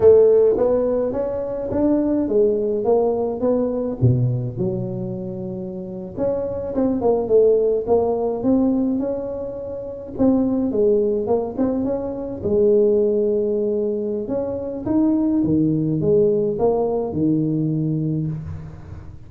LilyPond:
\new Staff \with { instrumentName = "tuba" } { \time 4/4 \tempo 4 = 105 a4 b4 cis'4 d'4 | gis4 ais4 b4 b,4 | fis2~ fis8. cis'4 c'16~ | c'16 ais8 a4 ais4 c'4 cis'16~ |
cis'4.~ cis'16 c'4 gis4 ais16~ | ais16 c'8 cis'4 gis2~ gis16~ | gis4 cis'4 dis'4 dis4 | gis4 ais4 dis2 | }